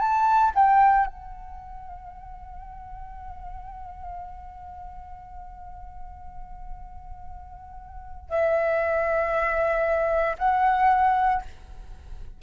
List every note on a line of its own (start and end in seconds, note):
0.00 0.52 A5
0.55 1.07 G5
1.07 8.30 F#5
8.30 10.37 E5
10.39 11.43 F#5